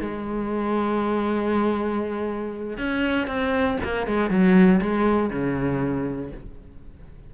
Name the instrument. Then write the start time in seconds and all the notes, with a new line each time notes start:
cello
0.00 G#3
2.78 C#4
3.27 C4
3.83 A#3
4.07 G#3
4.30 F#3
4.81 G#3
5.30 C#3